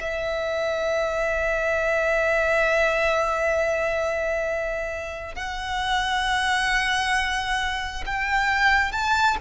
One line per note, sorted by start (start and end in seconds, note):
0.00 5.36 E5
5.36 8.04 F#5
8.06 8.92 G5
8.92 9.37 A5